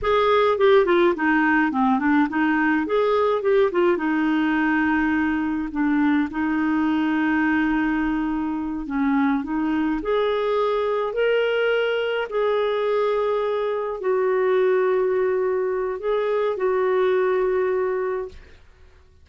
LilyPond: \new Staff \with { instrumentName = "clarinet" } { \time 4/4 \tempo 4 = 105 gis'4 g'8 f'8 dis'4 c'8 d'8 | dis'4 gis'4 g'8 f'8 dis'4~ | dis'2 d'4 dis'4~ | dis'2.~ dis'8 cis'8~ |
cis'8 dis'4 gis'2 ais'8~ | ais'4. gis'2~ gis'8~ | gis'8 fis'2.~ fis'8 | gis'4 fis'2. | }